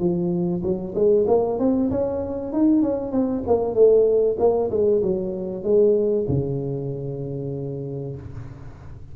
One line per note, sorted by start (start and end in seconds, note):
0.00 0.62 F3
0.63 0.95 F#3
0.95 1.27 G#3
1.28 1.59 A#3
1.60 1.91 C4
1.91 2.53 C#4
2.53 2.83 D#4
2.83 3.12 C#4
3.12 3.43 C4
3.47 3.75 A#3
3.75 4.37 A3
4.39 4.71 A#3
4.71 5.02 G#3
5.03 5.64 F#3
5.64 6.26 G#3
6.29 8.16 C#3